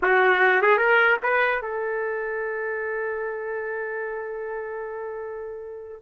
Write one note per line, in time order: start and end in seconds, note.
0.02 0.62 F#4
0.62 0.77 G#4
0.77 1.17 A#4
1.22 1.61 B4
1.61 6.02 A4